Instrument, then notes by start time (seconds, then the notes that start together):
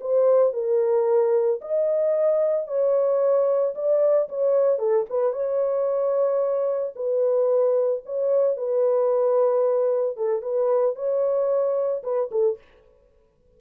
horn
0.00 C5
0.53 A#4
1.61 D#5
2.67 C#5
3.75 D5
4.28 C#5
4.79 A4
5.09 B4
5.33 C#5
6.95 B4
8.05 C#5
8.57 B4
10.17 A4
10.42 B4
10.95 C#5
12.03 B4
12.31 A4